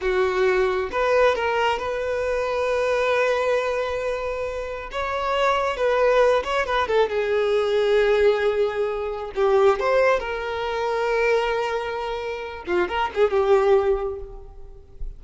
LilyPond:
\new Staff \with { instrumentName = "violin" } { \time 4/4 \tempo 4 = 135 fis'2 b'4 ais'4 | b'1~ | b'2. cis''4~ | cis''4 b'4. cis''8 b'8 a'8 |
gis'1~ | gis'4 g'4 c''4 ais'4~ | ais'1~ | ais'8 f'8 ais'8 gis'8 g'2 | }